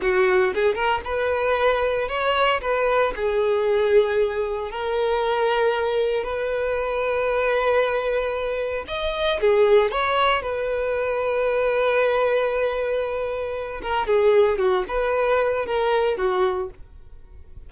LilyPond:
\new Staff \with { instrumentName = "violin" } { \time 4/4 \tempo 4 = 115 fis'4 gis'8 ais'8 b'2 | cis''4 b'4 gis'2~ | gis'4 ais'2. | b'1~ |
b'4 dis''4 gis'4 cis''4 | b'1~ | b'2~ b'8 ais'8 gis'4 | fis'8 b'4. ais'4 fis'4 | }